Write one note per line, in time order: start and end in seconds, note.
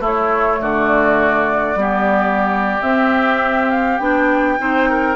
0.00 0.59 A3
0.00 1.77 A3
0.00 0.60 E4
0.06 0.62 C#5
0.62 1.76 D3
0.62 1.80 F#4
0.62 2.82 D5
1.76 2.79 G3
1.76 2.81 B3
1.76 4.60 G4
2.82 4.00 C4
2.82 3.70 E5
3.70 3.98 F5
3.98 4.59 B3
3.98 4.58 D4
3.98 5.16 G5
4.59 5.16 C4
4.59 5.16 D#4
4.59 4.90 C5
4.90 5.16 A#4